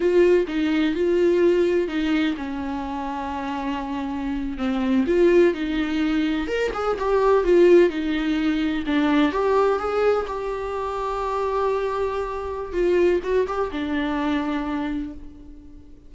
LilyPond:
\new Staff \with { instrumentName = "viola" } { \time 4/4 \tempo 4 = 127 f'4 dis'4 f'2 | dis'4 cis'2.~ | cis'4.~ cis'16 c'4 f'4 dis'16~ | dis'4.~ dis'16 ais'8 gis'8 g'4 f'16~ |
f'8. dis'2 d'4 g'16~ | g'8. gis'4 g'2~ g'16~ | g'2. f'4 | fis'8 g'8 d'2. | }